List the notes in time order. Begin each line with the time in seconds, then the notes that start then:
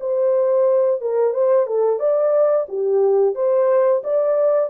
0.00 C5
1.01 A#4
1.34 C5
1.66 A4
1.99 D5
2.68 G4
3.35 C5
4.04 D5